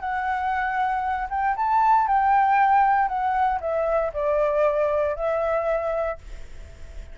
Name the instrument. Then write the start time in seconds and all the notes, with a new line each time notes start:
flute
0.00 F#5
1.30 G5
1.56 A5
2.07 G5
3.08 F#5
3.61 E5
4.14 D5
5.16 E5